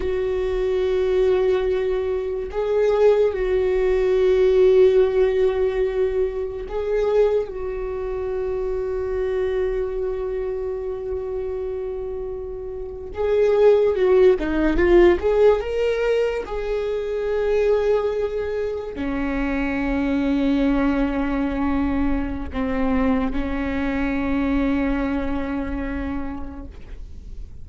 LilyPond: \new Staff \with { instrumentName = "viola" } { \time 4/4 \tempo 4 = 72 fis'2. gis'4 | fis'1 | gis'4 fis'2.~ | fis'2.~ fis'8. gis'16~ |
gis'8. fis'8 dis'8 f'8 gis'8 ais'4 gis'16~ | gis'2~ gis'8. cis'4~ cis'16~ | cis'2. c'4 | cis'1 | }